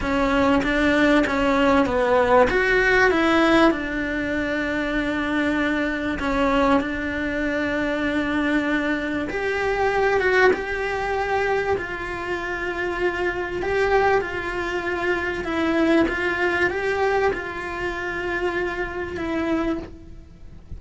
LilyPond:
\new Staff \with { instrumentName = "cello" } { \time 4/4 \tempo 4 = 97 cis'4 d'4 cis'4 b4 | fis'4 e'4 d'2~ | d'2 cis'4 d'4~ | d'2. g'4~ |
g'8 fis'8 g'2 f'4~ | f'2 g'4 f'4~ | f'4 e'4 f'4 g'4 | f'2. e'4 | }